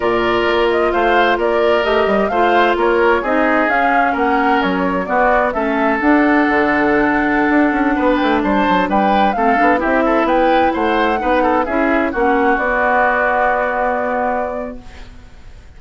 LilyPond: <<
  \new Staff \with { instrumentName = "flute" } { \time 4/4 \tempo 4 = 130 d''4. dis''8 f''4 d''4 | dis''4 f''4 cis''4 dis''4 | f''4 fis''4 cis''4 d''4 | e''4 fis''2.~ |
fis''4.~ fis''16 g''8 a''4 g''8.~ | g''16 f''4 e''4 g''4 fis''8.~ | fis''4~ fis''16 e''4 fis''4 d''8.~ | d''1 | }
  \new Staff \with { instrumentName = "oboe" } { \time 4/4 ais'2 c''4 ais'4~ | ais'4 c''4 ais'4 gis'4~ | gis'4 ais'2 fis'4 | a'1~ |
a'4~ a'16 b'4 c''4 b'8.~ | b'16 a'4 g'8 a'8 b'4 c''8.~ | c''16 b'8 a'8 gis'4 fis'4.~ fis'16~ | fis'1 | }
  \new Staff \with { instrumentName = "clarinet" } { \time 4/4 f'1 | g'4 f'2 dis'4 | cis'2. b4 | cis'4 d'2.~ |
d'1~ | d'16 c'8 d'8 e'2~ e'8.~ | e'16 dis'4 e'4 cis'4 b8.~ | b1 | }
  \new Staff \with { instrumentName = "bassoon" } { \time 4/4 ais,4 ais4 a4 ais4 | a8 g8 a4 ais4 c'4 | cis'4 ais4 fis4 b4 | a4 d'4 d2~ |
d16 d'8 cis'8 b8 a8 g8 fis8 g8.~ | g16 a8 b8 c'4 b4 a8.~ | a16 b4 cis'4 ais4 b8.~ | b1 | }
>>